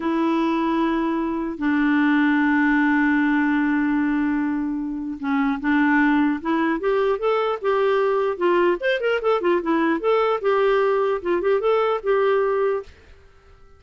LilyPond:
\new Staff \with { instrumentName = "clarinet" } { \time 4/4 \tempo 4 = 150 e'1 | d'1~ | d'1~ | d'4 cis'4 d'2 |
e'4 g'4 a'4 g'4~ | g'4 f'4 c''8 ais'8 a'8 f'8 | e'4 a'4 g'2 | f'8 g'8 a'4 g'2 | }